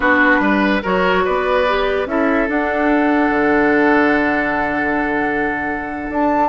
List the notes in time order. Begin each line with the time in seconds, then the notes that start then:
0.00 B3 D4 F#4 B4
0.39 G3 B4
0.82 F#3 F#4 A#4 C#5
1.24 B3 B4 D5
1.67 G4
2.06 C#4 E4 A4 E5
2.47 D4 F#5
3.29 D3
6.09 D4 A5